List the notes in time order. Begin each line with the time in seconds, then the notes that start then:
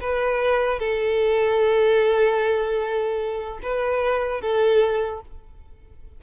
0.00 B4
0.79 A4
3.62 B4
4.41 A4